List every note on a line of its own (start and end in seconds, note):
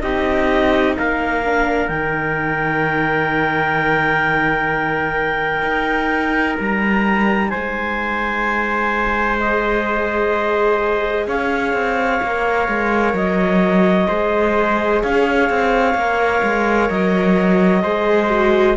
0.00 0.96 C4
0.00 1.42 D#4
0.00 0.97 G4
0.00 0.94 D#5
0.98 1.89 A#3
0.98 7.50 A#4
0.98 1.88 F5
1.45 1.89 D4
1.88 5.62 D#3
1.88 9.39 D#4
1.88 6.57 G5
5.62 6.56 D#4
6.59 7.53 G3
6.59 7.49 A#5
7.49 11.27 G#3
7.49 11.25 C5
7.49 9.37 G#5
9.40 12.22 G#4
9.40 11.28 D#5
11.27 11.73 C#4
11.27 14.08 C#5
11.27 13.15 F5
11.73 12.20 C4
12.22 12.68 A#3
12.22 14.08 A#4
12.68 13.13 G#3
13.13 14.07 F#3
13.13 15.02 D#5
14.08 15.03 G#3
14.08 15.95 G#4
14.08 15.02 C5
15.02 15.49 C#4
15.02 17.83 C#5
15.02 16.89 F5
15.49 15.94 C4
15.94 16.41 A#3
15.94 17.82 A#4
16.43 16.89 G#3
16.89 17.83 F#3
16.89 18.77 D#5
17.82 18.77 G#3
17.82 18.29 G#4
17.82 18.76 C5
18.30 18.77 F#4